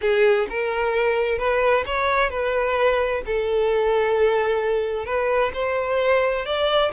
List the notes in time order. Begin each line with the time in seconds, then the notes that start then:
0.01 G#4
0.49 A#4
1.38 B4
1.86 C#5
2.30 B4
3.26 A4
5.05 B4
5.53 C5
6.45 D5